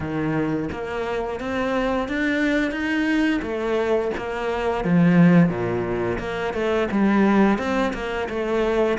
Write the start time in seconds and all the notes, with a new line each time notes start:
0.00 D#3
0.71 A#3
1.39 C4
2.08 D4
2.71 D#4
3.42 A3
4.17 A#3
4.84 F3
5.49 A#2
6.18 A#3
6.53 A3
6.91 G3
7.58 C4
7.93 A#3
8.29 A3